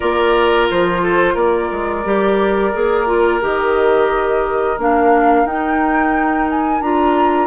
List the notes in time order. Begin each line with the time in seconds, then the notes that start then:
0.00 A#3 F4 A#4 D5
0.70 F3 C5
1.02 A4
1.34 A#3 A#4 D5
1.71 G#3
2.04 G3 G4
2.72 A#3 G#4
3.06 F4
3.40 D#3 G4 D#5
4.77 A#3 D4 F5
5.44 D#4 G5
6.49 G#5
6.80 D4 F4 A#5